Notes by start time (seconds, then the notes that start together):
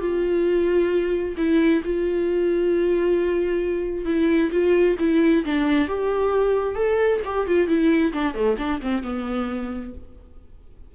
0.00 F4
1.37 E4
1.84 F4
4.05 E4
4.51 F4
4.99 E4
5.45 D4
5.88 G4
6.75 A4
7.24 G4
7.47 F4
7.67 E4
8.12 D4
8.34 A3
8.58 D4
8.82 C4
9.03 B3